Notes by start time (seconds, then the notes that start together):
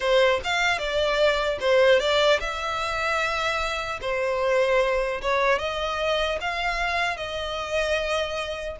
0.00 C5
0.43 F5
0.78 D5
1.60 C5
1.99 D5
2.40 E5
4.01 C5
5.21 C#5
5.59 D#5
6.40 F5
7.16 D#5